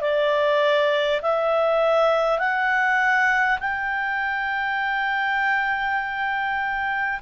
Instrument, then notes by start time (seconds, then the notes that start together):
clarinet
0.00 D5
1.22 E5
2.38 F#5
3.59 G5